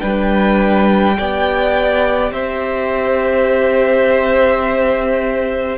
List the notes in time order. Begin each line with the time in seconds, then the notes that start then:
0.00 G3 D4 B4 G5
1.18 B3 G4 D5
2.31 C4 C5 E5